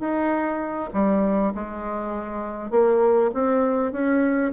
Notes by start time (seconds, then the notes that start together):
0.00 D#4
0.94 G3
1.55 G#3
2.71 A#3
3.34 C4
3.92 C#4